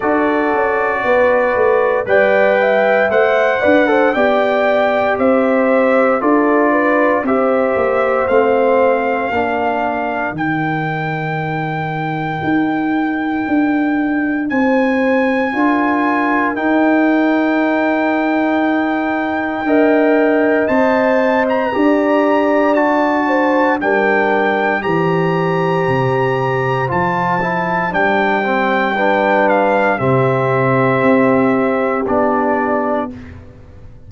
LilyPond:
<<
  \new Staff \with { instrumentName = "trumpet" } { \time 4/4 \tempo 4 = 58 d''2 g''4 fis''4 | g''4 e''4 d''4 e''4 | f''2 g''2~ | g''2 gis''2 |
g''1 | a''8. ais''4~ ais''16 a''4 g''4 | ais''2 a''4 g''4~ | g''8 f''8 e''2 d''4 | }
  \new Staff \with { instrumentName = "horn" } { \time 4/4 a'4 b'4 d''8 e''4 d''16 c''16 | d''4 c''4 a'8 b'8 c''4~ | c''4 ais'2.~ | ais'2 c''4 ais'4~ |
ais'2. dis''4~ | dis''4 d''4. c''8 ais'4 | c''1 | b'4 g'2. | }
  \new Staff \with { instrumentName = "trombone" } { \time 4/4 fis'2 b'4 c''8 b'16 a'16 | g'2 f'4 g'4 | c'4 d'4 dis'2~ | dis'2. f'4 |
dis'2. ais'4 | c''4 g'4 fis'4 d'4 | g'2 f'8 e'8 d'8 c'8 | d'4 c'2 d'4 | }
  \new Staff \with { instrumentName = "tuba" } { \time 4/4 d'8 cis'8 b8 a8 g4 a8 d'8 | b4 c'4 d'4 c'8 ais8 | a4 ais4 dis2 | dis'4 d'4 c'4 d'4 |
dis'2. d'4 | c'4 d'2 g4 | e4 c4 f4 g4~ | g4 c4 c'4 b4 | }
>>